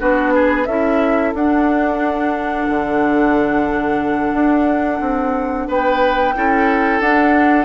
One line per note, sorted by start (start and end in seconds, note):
0.00 0.67 B3
0.00 0.67 D4
0.00 0.34 F#4
0.00 0.66 B4
0.35 0.68 G#4
0.66 1.34 C#4
0.66 1.36 E4
0.66 5.68 A4
0.66 1.33 E5
1.34 2.68 D4
1.34 6.36 D4
1.34 5.70 F#5
2.70 4.34 D3
4.34 5.00 D4
5.01 5.67 C4
5.68 6.36 B3
5.68 6.35 B4
5.68 7.01 G5
6.36 7.00 C#4
6.36 7.02 E4
6.36 7.66 A4
7.00 7.66 D4
7.00 7.66 F#5